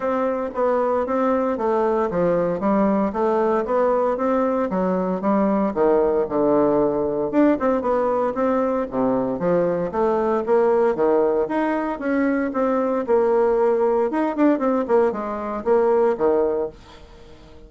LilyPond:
\new Staff \with { instrumentName = "bassoon" } { \time 4/4 \tempo 4 = 115 c'4 b4 c'4 a4 | f4 g4 a4 b4 | c'4 fis4 g4 dis4 | d2 d'8 c'8 b4 |
c'4 c4 f4 a4 | ais4 dis4 dis'4 cis'4 | c'4 ais2 dis'8 d'8 | c'8 ais8 gis4 ais4 dis4 | }